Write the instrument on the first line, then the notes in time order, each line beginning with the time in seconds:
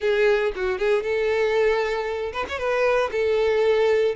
violin
0.00 G#4
0.55 F#4
0.78 G#4
1.03 A4
2.33 B4
2.48 C#5
2.58 B4
3.11 A4